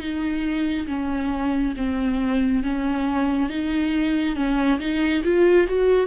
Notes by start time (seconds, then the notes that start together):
0.00 D#4
0.87 C#4
1.77 C4
2.63 C#4
3.49 D#4
4.36 C#4
4.79 D#4
5.24 F4
5.68 F#4